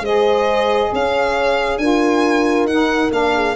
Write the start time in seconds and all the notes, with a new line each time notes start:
0.00 G#3 G#4 C5 D#5
0.92 C#4 C#5 F5
1.77 D4 F4 A#4 G#5
2.65 D#4 F#5
3.11 A#3 D4 F5
3.34 G#4